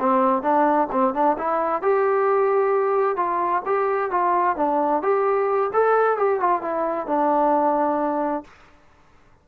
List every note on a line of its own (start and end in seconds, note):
0.00 0.43 C4
0.43 0.88 D4
0.92 1.15 C4
1.15 1.37 D4
1.38 1.82 E4
1.82 3.17 G4
3.17 3.63 F4
3.66 4.11 G4
4.11 4.57 F4
4.57 5.03 D4
5.03 5.71 G4
5.74 6.18 A4
6.18 6.40 G4
6.40 6.62 F4
6.62 7.07 E4
7.07 8.44 D4